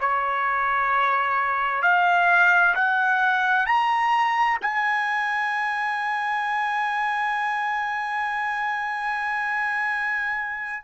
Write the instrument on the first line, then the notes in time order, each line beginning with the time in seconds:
trumpet
0.00 C#5
1.82 F5
2.75 F#5
3.66 A#5
4.61 G#5